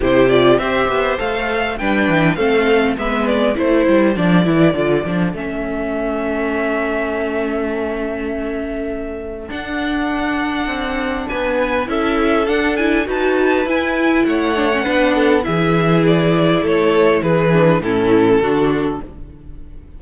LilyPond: <<
  \new Staff \with { instrumentName = "violin" } { \time 4/4 \tempo 4 = 101 c''8 d''8 e''4 f''4 g''4 | f''4 e''8 d''8 c''4 d''4~ | d''4 e''2.~ | e''1 |
fis''2. gis''4 | e''4 fis''8 gis''8 a''4 gis''4 | fis''2 e''4 d''4 | cis''4 b'4 a'2 | }
  \new Staff \with { instrumentName = "violin" } { \time 4/4 g'4 c''2 b'4 | a'4 b'4 a'2~ | a'1~ | a'1~ |
a'2. b'4 | a'2 b'2 | cis''4 b'8 a'8 gis'2 | a'4 gis'4 e'4 fis'4 | }
  \new Staff \with { instrumentName = "viola" } { \time 4/4 e'8 f'8 g'4 a'4 d'4 | c'4 b4 e'4 d'8 e'8 | f'8 d'8 cis'2.~ | cis'1 |
d'1 | e'4 d'8 e'8 fis'4 e'4~ | e'8 d'16 cis'16 d'4 e'2~ | e'4. d'8 cis'4 d'4 | }
  \new Staff \with { instrumentName = "cello" } { \time 4/4 c4 c'8 b8 a4 g8 e8 | a4 gis4 a8 g8 f8 e8 | d8 f8 a2.~ | a1 |
d'2 c'4 b4 | cis'4 d'4 dis'4 e'4 | a4 b4 e2 | a4 e4 a,4 d4 | }
>>